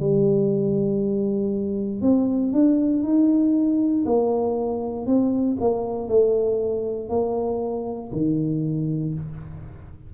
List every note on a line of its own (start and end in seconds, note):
0.00 2.02 G3
2.02 2.53 C4
2.53 3.03 D4
3.03 4.05 D#4
4.05 5.06 A#3
5.06 5.57 C4
5.60 6.08 A#3
6.08 7.10 A3
7.10 8.11 A#3
8.13 9.14 D#3